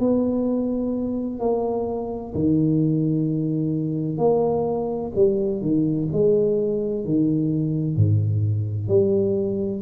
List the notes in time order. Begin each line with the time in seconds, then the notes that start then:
0.00 B3
1.40 A#3
2.35 D#3
4.18 A#3
5.16 G3
5.62 D#3
6.13 G#3
7.05 D#3
7.97 G#2
8.88 G3